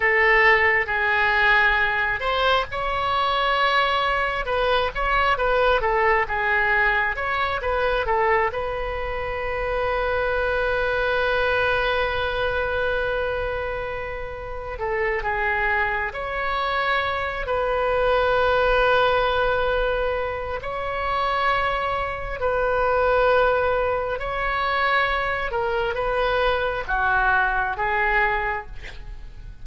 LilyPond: \new Staff \with { instrumentName = "oboe" } { \time 4/4 \tempo 4 = 67 a'4 gis'4. c''8 cis''4~ | cis''4 b'8 cis''8 b'8 a'8 gis'4 | cis''8 b'8 a'8 b'2~ b'8~ | b'1~ |
b'8 a'8 gis'4 cis''4. b'8~ | b'2. cis''4~ | cis''4 b'2 cis''4~ | cis''8 ais'8 b'4 fis'4 gis'4 | }